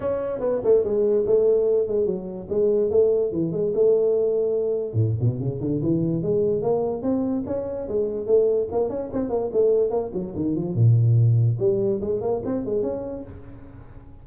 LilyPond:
\new Staff \with { instrumentName = "tuba" } { \time 4/4 \tempo 4 = 145 cis'4 b8 a8 gis4 a4~ | a8 gis8 fis4 gis4 a4 | e8 gis8 a2. | a,8 b,8 cis8 d8 e4 gis4 |
ais4 c'4 cis'4 gis4 | a4 ais8 cis'8 c'8 ais8 a4 | ais8 fis8 dis8 f8 ais,2 | g4 gis8 ais8 c'8 gis8 cis'4 | }